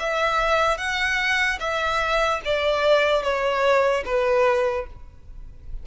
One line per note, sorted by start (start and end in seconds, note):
0.00 0.78 E5
0.78 1.59 F#5
1.60 2.41 E5
2.45 3.23 D5
3.23 4.04 C#5
4.06 4.87 B4